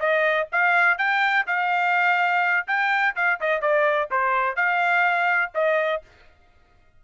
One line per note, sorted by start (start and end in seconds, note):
0.00 0.48 D#5
0.52 0.98 F5
0.98 1.46 G5
1.47 2.67 F5
2.67 3.15 G5
3.16 3.40 F5
3.41 3.61 D#5
3.61 4.09 D5
4.11 4.56 C5
4.56 5.52 F5
5.55 6.03 D#5